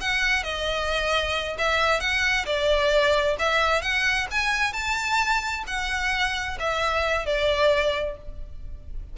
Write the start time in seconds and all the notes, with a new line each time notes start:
0.00 F#5
0.43 D#5
1.58 E5
2.00 F#5
2.45 D5
3.38 E5
3.81 F#5
4.31 G#5
4.73 A5
5.67 F#5
6.59 E5
7.26 D5